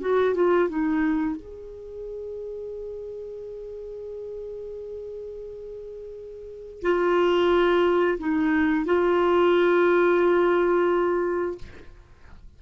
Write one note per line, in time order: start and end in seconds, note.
0.00 0.34 F#4
0.34 0.68 F4
0.68 1.36 D#4
1.36 6.82 G#4
6.82 8.18 F4
8.18 8.85 D#4
8.85 11.58 F4